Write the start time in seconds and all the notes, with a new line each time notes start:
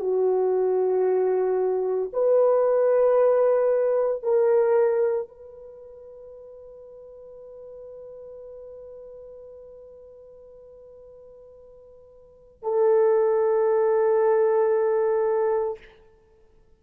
0.00 F#4
2.12 B4
4.23 A#4
5.28 B4
12.63 A4